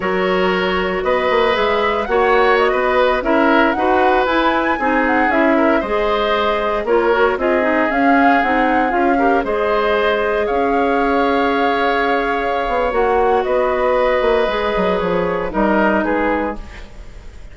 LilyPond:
<<
  \new Staff \with { instrumentName = "flute" } { \time 4/4 \tempo 4 = 116 cis''2 dis''4 e''4 | fis''4 dis''4~ dis''16 e''4 fis''8.~ | fis''16 gis''4. fis''8 e''4 dis''8.~ | dis''4~ dis''16 cis''4 dis''4 f''8.~ |
f''16 fis''4 f''4 dis''4.~ dis''16~ | dis''16 f''2.~ f''8.~ | f''4 fis''4 dis''2~ | dis''4 cis''4 dis''4 b'4 | }
  \new Staff \with { instrumentName = "oboe" } { \time 4/4 ais'2 b'2 | cis''4~ cis''16 b'4 ais'4 b'8.~ | b'4~ b'16 gis'4. ais'8 c''8.~ | c''4~ c''16 ais'4 gis'4.~ gis'16~ |
gis'4.~ gis'16 ais'8 c''4.~ c''16~ | c''16 cis''2.~ cis''8.~ | cis''2 b'2~ | b'2 ais'4 gis'4 | }
  \new Staff \with { instrumentName = "clarinet" } { \time 4/4 fis'2. gis'4 | fis'2~ fis'16 e'4 fis'8.~ | fis'16 e'4 dis'4 e'4 gis'8.~ | gis'4~ gis'16 f'8 fis'8 f'8 dis'8 cis'8.~ |
cis'16 dis'4 f'8 g'8 gis'4.~ gis'16~ | gis'1~ | gis'4 fis'2. | gis'2 dis'2 | }
  \new Staff \with { instrumentName = "bassoon" } { \time 4/4 fis2 b8 ais8 gis4 | ais4~ ais16 b4 cis'4 dis'8.~ | dis'16 e'4 c'4 cis'4 gis8.~ | gis4~ gis16 ais4 c'4 cis'8.~ |
cis'16 c'4 cis'4 gis4.~ gis16~ | gis16 cis'2.~ cis'8.~ | cis'8 b8 ais4 b4. ais8 | gis8 fis8 f4 g4 gis4 | }
>>